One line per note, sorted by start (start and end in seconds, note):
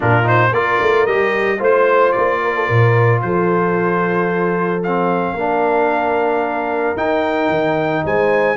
0.00 0.52 A#2
0.00 0.23 D4
0.00 0.51 F4
0.00 0.28 A#4
0.23 0.50 D#4
0.23 0.53 C5
0.52 0.79 A#3
0.52 1.07 F4
0.52 1.58 A#4
0.52 1.06 D5
0.81 1.07 A3
1.06 1.60 G3
1.06 1.59 G4
1.06 1.60 D#5
1.58 2.13 A3
1.58 4.80 F4
1.58 2.39 C5
1.58 2.11 C5
2.11 2.69 A#3
2.11 3.19 D5
2.43 2.55 A#4
2.55 2.66 A4
2.66 3.22 A#2
2.66 3.20 A#4
3.21 5.33 F3
3.21 5.36 A4
3.21 4.82 C5
4.83 5.37 C4
4.83 6.97 F5
5.33 6.94 A#3
5.33 6.96 D4
5.33 8.04 A#4
6.96 7.48 D#4
6.96 8.56 D#4
6.96 8.04 G5
7.48 8.02 D#3
8.04 8.56 G#3
8.04 8.56 C5
8.04 8.56 G#5